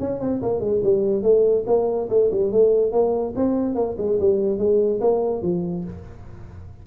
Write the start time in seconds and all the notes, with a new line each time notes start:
0.00 C#4
0.20 C4
0.43 A#3
0.60 G#3
0.84 G3
1.23 A3
1.67 A#3
2.10 A3
2.31 G3
2.52 A3
2.92 A#3
3.36 C4
3.75 A#3
3.98 G#3
4.20 G3
4.58 G#3
5.01 A#3
5.42 F3